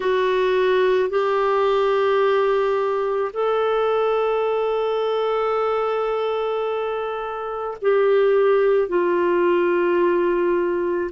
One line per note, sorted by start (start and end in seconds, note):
0.00 1.09 F#4
1.09 3.31 G4
3.33 7.77 A4
7.81 8.88 G4
8.88 11.10 F4